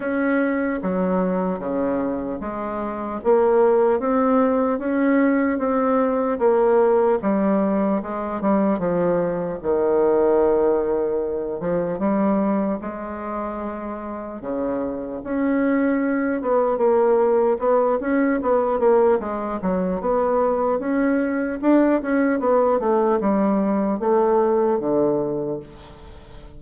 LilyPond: \new Staff \with { instrumentName = "bassoon" } { \time 4/4 \tempo 4 = 75 cis'4 fis4 cis4 gis4 | ais4 c'4 cis'4 c'4 | ais4 g4 gis8 g8 f4 | dis2~ dis8 f8 g4 |
gis2 cis4 cis'4~ | cis'8 b8 ais4 b8 cis'8 b8 ais8 | gis8 fis8 b4 cis'4 d'8 cis'8 | b8 a8 g4 a4 d4 | }